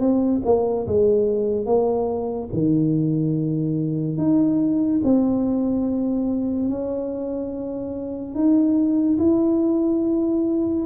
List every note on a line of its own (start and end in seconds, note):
0.00 0.42 C4
0.45 0.87 A#3
0.87 1.66 G#3
1.66 2.49 A#3
2.53 4.18 D#3
4.18 5.01 D#4
5.04 6.69 C4
6.69 8.35 C#4
8.35 9.18 D#4
9.18 10.85 E4